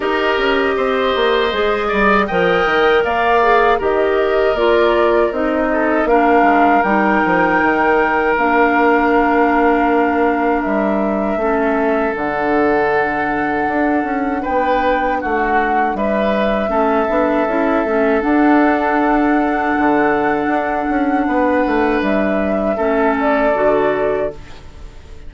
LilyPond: <<
  \new Staff \with { instrumentName = "flute" } { \time 4/4 \tempo 4 = 79 dis''2. g''4 | f''4 dis''4 d''4 dis''4 | f''4 g''2 f''4~ | f''2 e''2 |
fis''2. g''4 | fis''4 e''2. | fis''1~ | fis''4 e''4. d''4. | }
  \new Staff \with { instrumentName = "oboe" } { \time 4/4 ais'4 c''4. d''8 dis''4 | d''4 ais'2~ ais'8 a'8 | ais'1~ | ais'2. a'4~ |
a'2. b'4 | fis'4 b'4 a'2~ | a'1 | b'2 a'2 | }
  \new Staff \with { instrumentName = "clarinet" } { \time 4/4 g'2 gis'4 ais'4~ | ais'8 gis'8 g'4 f'4 dis'4 | d'4 dis'2 d'4~ | d'2. cis'4 |
d'1~ | d'2 cis'8 d'8 e'8 cis'8 | d'1~ | d'2 cis'4 fis'4 | }
  \new Staff \with { instrumentName = "bassoon" } { \time 4/4 dis'8 cis'8 c'8 ais8 gis8 g8 f8 dis8 | ais4 dis4 ais4 c'4 | ais8 gis8 g8 f8 dis4 ais4~ | ais2 g4 a4 |
d2 d'8 cis'8 b4 | a4 g4 a8 b8 cis'8 a8 | d'2 d4 d'8 cis'8 | b8 a8 g4 a4 d4 | }
>>